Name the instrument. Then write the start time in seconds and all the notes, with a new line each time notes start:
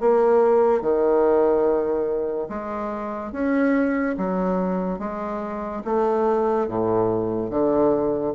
bassoon
0.00 A#3
0.81 D#3
2.49 G#3
3.32 C#4
4.17 F#3
4.99 G#3
5.85 A3
6.67 A2
7.50 D3